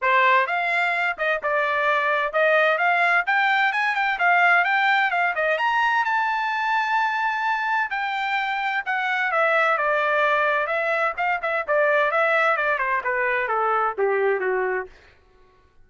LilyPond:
\new Staff \with { instrumentName = "trumpet" } { \time 4/4 \tempo 4 = 129 c''4 f''4. dis''8 d''4~ | d''4 dis''4 f''4 g''4 | gis''8 g''8 f''4 g''4 f''8 dis''8 | ais''4 a''2.~ |
a''4 g''2 fis''4 | e''4 d''2 e''4 | f''8 e''8 d''4 e''4 d''8 c''8 | b'4 a'4 g'4 fis'4 | }